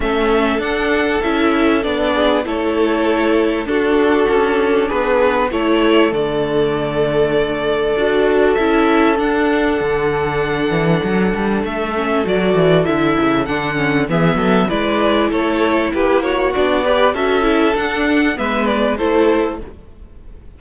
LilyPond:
<<
  \new Staff \with { instrumentName = "violin" } { \time 4/4 \tempo 4 = 98 e''4 fis''4 e''4 d''4 | cis''2 a'2 | b'4 cis''4 d''2~ | d''2 e''4 fis''4~ |
fis''2. e''4 | d''4 e''4 fis''4 e''4 | d''4 cis''4 b'8 cis''8 d''4 | e''4 fis''4 e''8 d''8 c''4 | }
  \new Staff \with { instrumentName = "violin" } { \time 4/4 a'2.~ a'8 gis'8 | a'2 fis'2 | gis'4 a'2.~ | a'1~ |
a'1~ | a'2. gis'8 a'8 | b'4 a'4 g'8 fis'4 b'8 | a'2 b'4 a'4 | }
  \new Staff \with { instrumentName = "viola" } { \time 4/4 cis'4 d'4 e'4 d'4 | e'2 d'2~ | d'4 e'4 a2~ | a4 fis'4 e'4 d'4~ |
d'2.~ d'8 cis'8 | fis'4 e'4 d'8 cis'8 b4 | e'2. d'8 g'8 | fis'8 e'8 d'4 b4 e'4 | }
  \new Staff \with { instrumentName = "cello" } { \time 4/4 a4 d'4 cis'4 b4 | a2 d'4 cis'4 | b4 a4 d2~ | d4 d'4 cis'4 d'4 |
d4. e8 fis8 g8 a4 | fis8 e8 d8 cis8 d4 e8 fis8 | gis4 a4 ais4 b4 | cis'4 d'4 gis4 a4 | }
>>